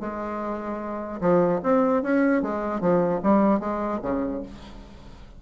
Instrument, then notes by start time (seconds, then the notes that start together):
bassoon
0.00 G#3
1.21 F3
1.63 C4
2.02 C#4
2.42 G#3
2.80 F3
3.23 G3
3.60 G#3
4.02 C#3